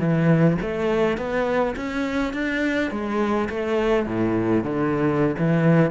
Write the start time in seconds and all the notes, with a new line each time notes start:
0.00 E3
0.62 A3
1.18 B3
1.76 C#4
2.34 D4
2.91 G#3
3.50 A3
4.07 A2
4.64 D3
5.39 E3